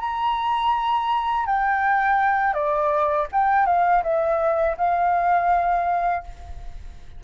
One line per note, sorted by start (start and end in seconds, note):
0.00 1.46 A#5
1.46 2.53 G5
2.53 3.26 D5
3.32 3.66 G5
3.66 4.02 F5
4.03 4.76 E5
4.77 6.23 F5